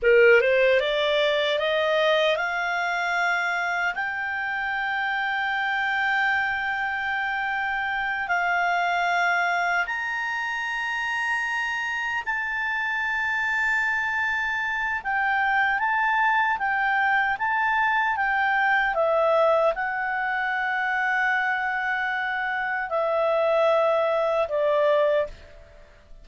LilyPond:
\new Staff \with { instrumentName = "clarinet" } { \time 4/4 \tempo 4 = 76 ais'8 c''8 d''4 dis''4 f''4~ | f''4 g''2.~ | g''2~ g''8 f''4.~ | f''8 ais''2. a''8~ |
a''2. g''4 | a''4 g''4 a''4 g''4 | e''4 fis''2.~ | fis''4 e''2 d''4 | }